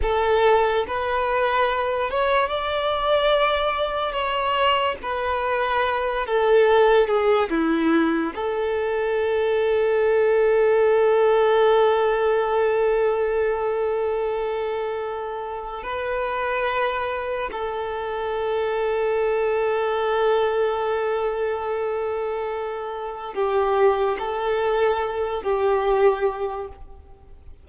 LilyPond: \new Staff \with { instrumentName = "violin" } { \time 4/4 \tempo 4 = 72 a'4 b'4. cis''8 d''4~ | d''4 cis''4 b'4. a'8~ | a'8 gis'8 e'4 a'2~ | a'1~ |
a'2. b'4~ | b'4 a'2.~ | a'1 | g'4 a'4. g'4. | }